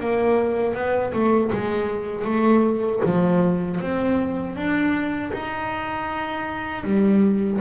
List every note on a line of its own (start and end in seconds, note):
0.00 0.75 A#3
0.75 1.13 B3
1.13 1.51 A3
1.53 2.25 G#3
2.25 3.01 A3
3.05 3.81 F3
3.81 4.56 C4
4.56 5.32 D4
5.34 6.84 D#4
6.84 7.60 G3